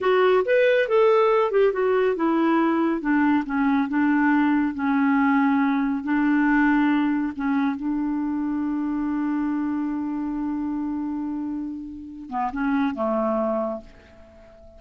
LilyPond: \new Staff \with { instrumentName = "clarinet" } { \time 4/4 \tempo 4 = 139 fis'4 b'4 a'4. g'8 | fis'4 e'2 d'4 | cis'4 d'2 cis'4~ | cis'2 d'2~ |
d'4 cis'4 d'2~ | d'1~ | d'1~ | d'8 b8 cis'4 a2 | }